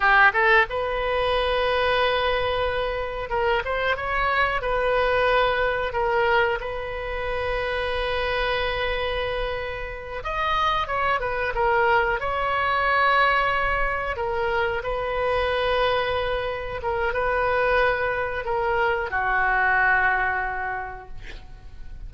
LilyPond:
\new Staff \with { instrumentName = "oboe" } { \time 4/4 \tempo 4 = 91 g'8 a'8 b'2.~ | b'4 ais'8 c''8 cis''4 b'4~ | b'4 ais'4 b'2~ | b'2.~ b'8 dis''8~ |
dis''8 cis''8 b'8 ais'4 cis''4.~ | cis''4. ais'4 b'4.~ | b'4. ais'8 b'2 | ais'4 fis'2. | }